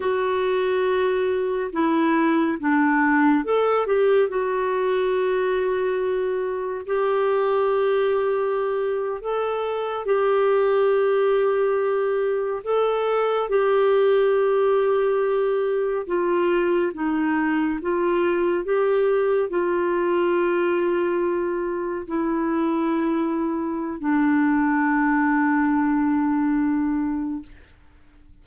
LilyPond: \new Staff \with { instrumentName = "clarinet" } { \time 4/4 \tempo 4 = 70 fis'2 e'4 d'4 | a'8 g'8 fis'2. | g'2~ g'8. a'4 g'16~ | g'2~ g'8. a'4 g'16~ |
g'2~ g'8. f'4 dis'16~ | dis'8. f'4 g'4 f'4~ f'16~ | f'4.~ f'16 e'2~ e'16 | d'1 | }